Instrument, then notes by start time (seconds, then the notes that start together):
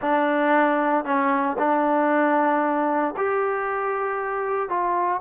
trombone
0.01 D4
1.04 C#4
1.58 D4
3.17 G4
4.69 F4